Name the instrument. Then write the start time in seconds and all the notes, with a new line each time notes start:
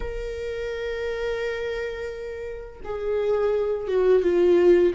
viola
0.00 A#4
2.84 G#4
3.87 F#4
4.22 F4